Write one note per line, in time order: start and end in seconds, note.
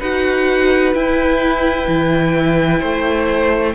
0.00 0.95 D#4
0.00 0.95 F#4
0.00 2.80 B4
0.00 0.94 F#5
0.95 3.75 E4
0.95 1.88 E4
0.95 3.75 G5
1.88 2.82 E3
2.80 3.75 A3
2.80 3.74 C5